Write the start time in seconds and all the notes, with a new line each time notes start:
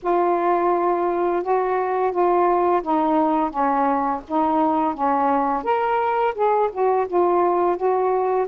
0.02 F4
1.42 F#4
2.11 F4
2.82 D#4
3.50 C#4
4.27 D#4
4.94 C#4
5.63 A#4
6.34 G#4
6.72 F#4
7.07 F4
7.76 F#4